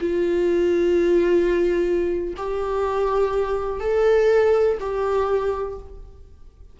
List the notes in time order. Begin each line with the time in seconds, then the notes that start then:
0.00 F4
2.37 G4
3.80 A4
4.80 G4